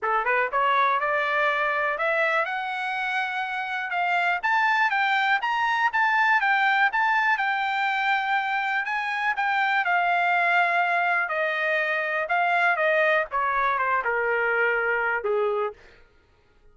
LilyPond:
\new Staff \with { instrumentName = "trumpet" } { \time 4/4 \tempo 4 = 122 a'8 b'8 cis''4 d''2 | e''4 fis''2. | f''4 a''4 g''4 ais''4 | a''4 g''4 a''4 g''4~ |
g''2 gis''4 g''4 | f''2. dis''4~ | dis''4 f''4 dis''4 cis''4 | c''8 ais'2~ ais'8 gis'4 | }